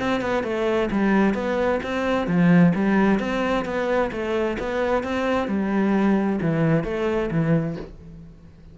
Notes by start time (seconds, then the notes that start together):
0.00 C4
0.21 B3
0.44 A3
0.91 G3
1.34 B3
1.83 C4
2.27 F3
2.75 G3
3.19 C4
3.65 B3
4.12 A3
4.59 B3
5.03 C4
5.48 G3
6.41 E3
6.84 A3
7.31 E3